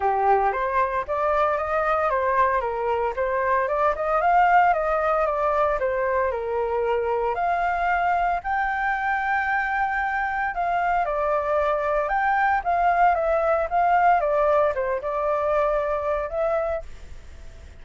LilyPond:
\new Staff \with { instrumentName = "flute" } { \time 4/4 \tempo 4 = 114 g'4 c''4 d''4 dis''4 | c''4 ais'4 c''4 d''8 dis''8 | f''4 dis''4 d''4 c''4 | ais'2 f''2 |
g''1 | f''4 d''2 g''4 | f''4 e''4 f''4 d''4 | c''8 d''2~ d''8 e''4 | }